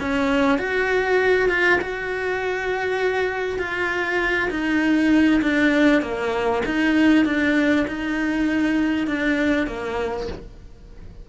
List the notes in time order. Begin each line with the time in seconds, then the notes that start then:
0.00 C#4
0.58 F#4
1.49 F4
1.81 F#4
3.59 F4
4.50 D#4
5.42 D4
6.02 A#3
6.66 D#4
7.25 D4
7.88 D#4
9.07 D4
9.67 A#3